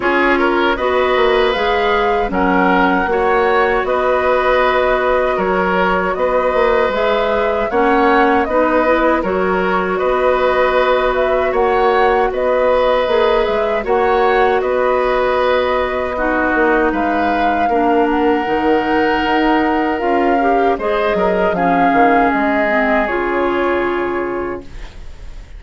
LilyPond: <<
  \new Staff \with { instrumentName = "flute" } { \time 4/4 \tempo 4 = 78 cis''4 dis''4 f''4 fis''4~ | fis''4 dis''2 cis''4 | dis''4 e''4 fis''4 dis''4 | cis''4 dis''4. e''8 fis''4 |
dis''4. e''8 fis''4 dis''4~ | dis''2 f''4. fis''8~ | fis''2 f''4 dis''4 | f''4 dis''4 cis''2 | }
  \new Staff \with { instrumentName = "oboe" } { \time 4/4 gis'8 ais'8 b'2 ais'4 | cis''4 b'2 ais'4 | b'2 cis''4 b'4 | ais'4 b'2 cis''4 |
b'2 cis''4 b'4~ | b'4 fis'4 b'4 ais'4~ | ais'2. c''8 ais'8 | gis'1 | }
  \new Staff \with { instrumentName = "clarinet" } { \time 4/4 f'4 fis'4 gis'4 cis'4 | fis'1~ | fis'4 gis'4 cis'4 dis'8 e'8 | fis'1~ |
fis'4 gis'4 fis'2~ | fis'4 dis'2 d'4 | dis'2 f'8 g'8 gis'4 | cis'4. c'8 f'2 | }
  \new Staff \with { instrumentName = "bassoon" } { \time 4/4 cis'4 b8 ais8 gis4 fis4 | ais4 b2 fis4 | b8 ais8 gis4 ais4 b4 | fis4 b2 ais4 |
b4 ais8 gis8 ais4 b4~ | b4. ais8 gis4 ais4 | dis4 dis'4 cis'4 gis8 fis8 | f8 dis8 gis4 cis2 | }
>>